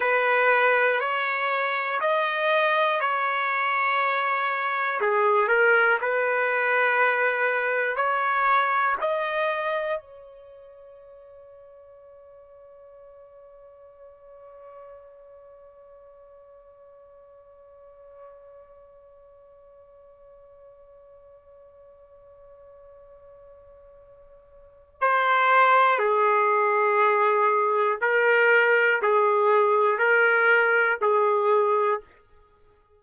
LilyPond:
\new Staff \with { instrumentName = "trumpet" } { \time 4/4 \tempo 4 = 60 b'4 cis''4 dis''4 cis''4~ | cis''4 gis'8 ais'8 b'2 | cis''4 dis''4 cis''2~ | cis''1~ |
cis''1~ | cis''1~ | cis''4 c''4 gis'2 | ais'4 gis'4 ais'4 gis'4 | }